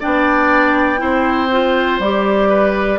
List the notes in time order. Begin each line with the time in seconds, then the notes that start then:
0.00 B3 D4 D5 G5
0.97 C4 E4 C5
1.51 F4
1.99 G3 G4 D5
2.49 B4